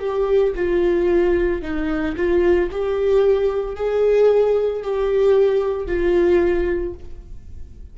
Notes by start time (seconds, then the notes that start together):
0.00 G4
0.56 F4
1.63 D#4
2.17 F4
2.72 G4
3.76 G#4
4.83 G4
5.87 F4